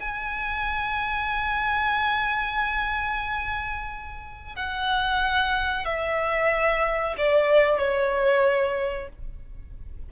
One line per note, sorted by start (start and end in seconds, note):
0.00 4.55 G#5
4.55 5.85 F#5
5.85 7.16 E5
7.17 7.78 D5
7.78 9.09 C#5